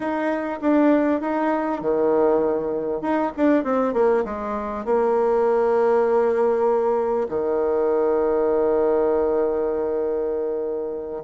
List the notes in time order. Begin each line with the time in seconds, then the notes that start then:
0.00 D#4
0.61 D4
1.20 D#4
1.81 D#3
3.01 D#4
3.36 D4
3.64 C4
3.93 A#3
4.24 G#3
4.85 A#3
7.28 D#3